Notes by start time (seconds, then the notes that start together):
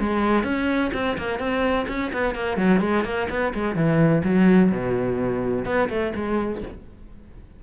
0.00 G#3
0.44 C#4
0.94 C4
1.18 A#3
1.40 C4
1.88 C#4
2.13 B3
2.35 A#3
2.58 F#3
2.81 G#3
3.05 A#3
3.30 B3
3.54 G#3
3.75 E3
4.25 F#3
4.72 B2
5.65 B3
5.90 A3
6.16 G#3